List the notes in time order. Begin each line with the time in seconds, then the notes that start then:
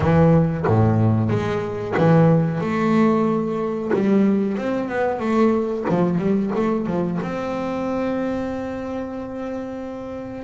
0.00 E3
0.66 A2
1.29 G#3
1.97 E3
2.61 A3
3.93 G3
4.57 C4
4.89 B3
5.19 A3
5.89 F3
6.18 G3
6.55 A3
6.86 F3
7.22 C4